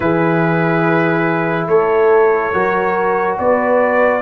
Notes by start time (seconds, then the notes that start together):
0.00 E3 E4 G#4 B4
1.66 A3 A4 C#5
2.52 F#3 F#4 A#4
3.38 B3 B4 D5